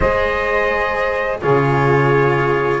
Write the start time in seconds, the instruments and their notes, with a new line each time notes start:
0.00 double bass G#3, cello G#4, saxophone C5, trumpet D#5
1.40 double bass C#3, cello F4, saxophone G#4, trumpet C#5